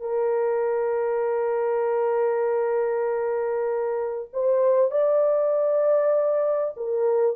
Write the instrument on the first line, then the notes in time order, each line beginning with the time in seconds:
horn
0.00 A#4
4.33 C5
4.91 D5
6.77 A#4